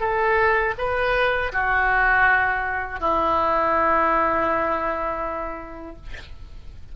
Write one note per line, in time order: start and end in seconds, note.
0.00 0.74 A4
0.78 1.52 B4
1.52 3.00 F#4
3.00 5.96 E4